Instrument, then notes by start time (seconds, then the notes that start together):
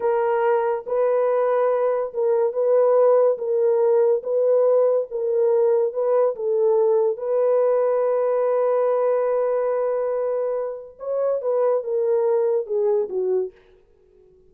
horn
0.00 A#4
0.86 B4
2.13 A#4
2.53 B4
3.38 A#4
4.23 B4
5.10 A#4
5.93 B4
6.35 A4
7.17 B4
10.99 C#5
11.41 B4
11.83 A#4
12.66 G#4
13.09 F#4